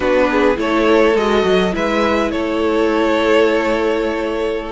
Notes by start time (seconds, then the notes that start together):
0.00 B3 D4 F#4 B4
0.30 G#4
0.56 A3 E4 A4 C#5
1.14 G#3 F#4 D#5
1.44 F#3
1.72 G#3 E4 B4 E5
2.31 A3 A4 C#5